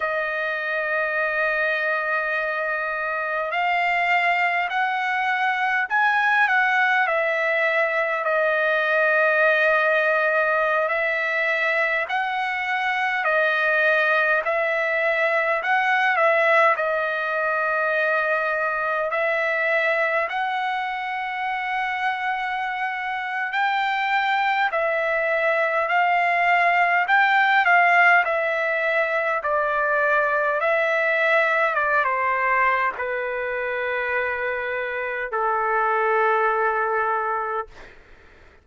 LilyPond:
\new Staff \with { instrumentName = "trumpet" } { \time 4/4 \tempo 4 = 51 dis''2. f''4 | fis''4 gis''8 fis''8 e''4 dis''4~ | dis''4~ dis''16 e''4 fis''4 dis''8.~ | dis''16 e''4 fis''8 e''8 dis''4.~ dis''16~ |
dis''16 e''4 fis''2~ fis''8. | g''4 e''4 f''4 g''8 f''8 | e''4 d''4 e''4 d''16 c''8. | b'2 a'2 | }